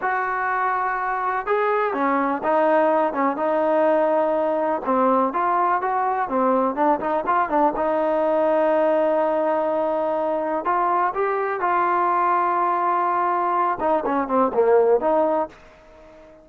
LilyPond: \new Staff \with { instrumentName = "trombone" } { \time 4/4 \tempo 4 = 124 fis'2. gis'4 | cis'4 dis'4. cis'8 dis'4~ | dis'2 c'4 f'4 | fis'4 c'4 d'8 dis'8 f'8 d'8 |
dis'1~ | dis'2 f'4 g'4 | f'1~ | f'8 dis'8 cis'8 c'8 ais4 dis'4 | }